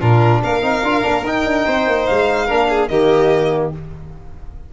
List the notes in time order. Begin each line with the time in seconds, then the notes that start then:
0.00 A#2 D4 F4 A#4
0.44 A#3 A#4 F5
0.62 C4 D#4
0.83 D4 F4
1.02 A#3 D4
1.24 D#4 G5
1.45 D4
1.66 C4 C5
1.87 A#3
2.06 G#3 F5
2.47 A#3 D4 A#4
2.69 G#4
2.88 D#3 A#3 G4 D#5